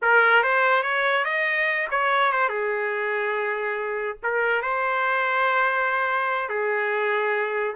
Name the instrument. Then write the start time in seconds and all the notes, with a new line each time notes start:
trumpet
0.02 A#4
0.43 C5
0.82 C#5
1.24 D#5
1.90 C#5
2.32 C5
2.49 G#4
4.23 A#4
4.62 C5
6.49 G#4